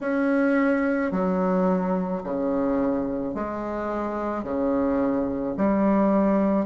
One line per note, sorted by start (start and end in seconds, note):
0.01 1.11 C#4
1.11 2.22 F#3
2.23 3.34 C#3
3.34 4.43 G#3
4.43 5.55 C#3
5.57 6.65 G3